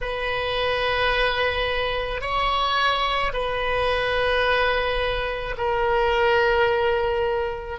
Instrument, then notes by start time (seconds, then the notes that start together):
oboe
0.01 B4
2.21 C#5
3.33 B4
5.57 A#4